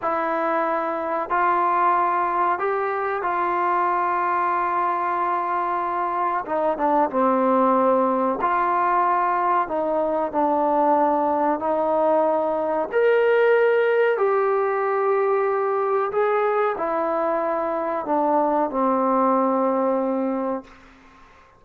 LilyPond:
\new Staff \with { instrumentName = "trombone" } { \time 4/4 \tempo 4 = 93 e'2 f'2 | g'4 f'2.~ | f'2 dis'8 d'8 c'4~ | c'4 f'2 dis'4 |
d'2 dis'2 | ais'2 g'2~ | g'4 gis'4 e'2 | d'4 c'2. | }